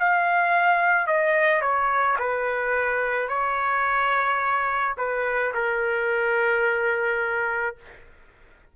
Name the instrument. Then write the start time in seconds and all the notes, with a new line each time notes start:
trumpet
0.00 F5
1.08 D#5
1.62 C#5
2.19 B4
3.29 C#5
4.97 B4
5.55 A#4